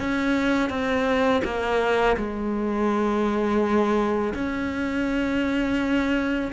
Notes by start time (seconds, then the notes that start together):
0.00 C#4
0.70 C4
1.45 A#3
2.17 G#3
4.35 C#4